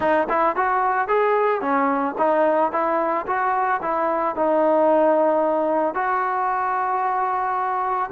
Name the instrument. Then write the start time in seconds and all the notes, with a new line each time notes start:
trombone
0.00 D#4
0.29 E4
0.56 F#4
1.07 G#4
1.61 C#4
2.17 D#4
2.72 E4
3.26 F#4
3.82 E4
4.35 D#4
5.94 F#4